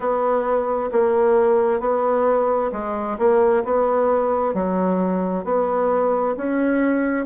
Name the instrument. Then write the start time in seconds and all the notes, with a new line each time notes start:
bassoon
0.00 B3
0.91 A#3
1.80 B3
2.72 G#3
3.18 A#3
3.64 B3
4.54 F#3
5.44 B3
6.36 C#4